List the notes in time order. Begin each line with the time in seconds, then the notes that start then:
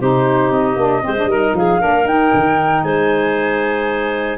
0.00 C3 D#4 G4 C5
0.51 C4 D#5
0.76 A#3 D4
1.03 G#3 C4 C5
1.16 D4
1.25 G3 D#4 A#4
1.54 F3 G#4 F5
1.79 A#3 D4 A#4
2.05 D#4 G5
2.34 D#3
2.83 G#3 C5 G#5